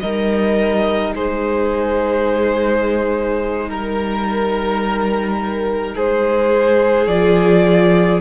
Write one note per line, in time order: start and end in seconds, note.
0.00 1.15 G3
0.00 7.09 D#4
0.00 1.15 A#4
0.00 1.13 D#5
1.15 3.69 G#3
1.15 3.69 G#4
1.15 3.70 C5
3.69 5.96 G3
3.69 5.95 A#4
3.69 5.96 A#4
5.95 7.07 G#3
5.95 8.21 G#4
5.95 7.07 C5
7.07 8.20 F3
7.07 8.21 F4
7.07 8.20 D5